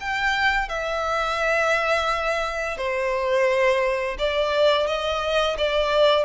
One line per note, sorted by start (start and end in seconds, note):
0.00 0.68 G5
0.68 2.77 E5
2.77 4.17 C5
4.19 4.87 D5
4.87 5.57 D#5
5.58 6.24 D5